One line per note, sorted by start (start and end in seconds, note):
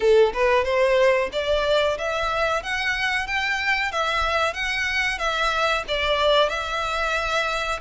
0.00 0.32 A4
0.33 0.64 B4
0.64 1.29 C5
1.32 1.97 D5
1.98 2.62 E5
2.62 3.26 F#5
3.26 3.91 G5
3.91 4.53 E5
4.53 5.18 F#5
5.18 5.83 E5
5.88 6.49 D5
6.49 7.79 E5